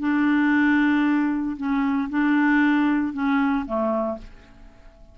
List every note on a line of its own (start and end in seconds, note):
0.00 1.57 D4
1.57 2.09 C#4
2.10 3.14 D4
3.14 3.66 C#4
3.66 4.19 A3